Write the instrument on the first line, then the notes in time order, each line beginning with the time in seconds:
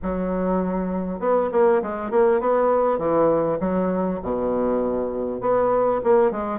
bassoon
0.02 F#3
1.19 B3
1.52 A#3
1.82 G#3
2.11 A#3
2.40 B3
2.98 E3
3.60 F#3
4.22 B2
5.40 B3
6.03 A#3
6.31 G#3